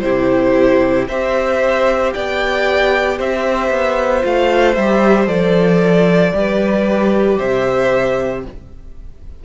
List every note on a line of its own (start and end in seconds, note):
0.00 1.08 C3
0.00 1.09 E4
0.00 1.09 G4
0.00 1.05 C5
1.08 2.14 C4
1.08 4.21 G4
1.08 2.14 C5
1.08 2.13 E5
2.13 3.20 B3
2.13 3.18 D5
2.13 3.19 G5
3.18 3.70 C4
3.18 6.34 C5
3.18 4.25 E5
3.70 4.23 B3
4.21 4.77 A3
4.21 4.73 F4
4.21 4.75 F5
4.75 5.27 G3
4.75 5.27 G4
4.75 5.28 E5
5.27 6.33 F3
5.27 6.32 A4
5.27 7.38 D5
6.34 7.39 G3
6.34 8.45 G4
6.34 7.38 B4
7.38 8.45 C3
7.38 8.44 C5
7.38 8.44 E5